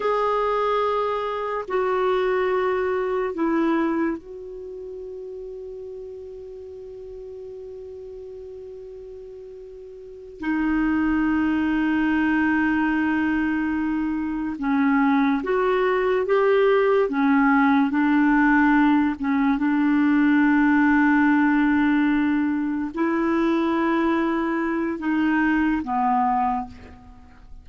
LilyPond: \new Staff \with { instrumentName = "clarinet" } { \time 4/4 \tempo 4 = 72 gis'2 fis'2 | e'4 fis'2.~ | fis'1~ | fis'8 dis'2.~ dis'8~ |
dis'4. cis'4 fis'4 g'8~ | g'8 cis'4 d'4. cis'8 d'8~ | d'2.~ d'8 e'8~ | e'2 dis'4 b4 | }